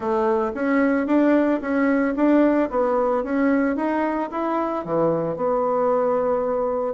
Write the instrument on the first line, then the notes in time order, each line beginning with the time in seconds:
bassoon
0.00 A3
0.54 C#4
1.06 D4
1.61 C#4
2.16 D4
2.70 B3
3.23 C#4
3.76 D#4
4.31 E4
4.85 E3
5.36 B3